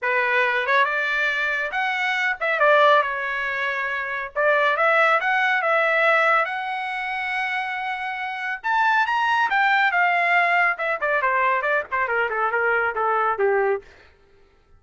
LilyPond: \new Staff \with { instrumentName = "trumpet" } { \time 4/4 \tempo 4 = 139 b'4. cis''8 d''2 | fis''4. e''8 d''4 cis''4~ | cis''2 d''4 e''4 | fis''4 e''2 fis''4~ |
fis''1 | a''4 ais''4 g''4 f''4~ | f''4 e''8 d''8 c''4 d''8 c''8 | ais'8 a'8 ais'4 a'4 g'4 | }